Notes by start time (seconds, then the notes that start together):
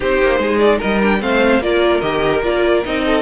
0.00 C4 D#4 G4 C5
0.22 A#3
0.39 G#3 G#4
0.58 D5
0.78 G3 A#4 D#5
1.02 D4 G5
1.20 A3 C4 C5 F5
1.60 A#3 F4 A#4 D5
2.00 D#3 G4 D#5
2.42 A#3 F4 D5
2.84 C4 D#4 D#5
3.05 A4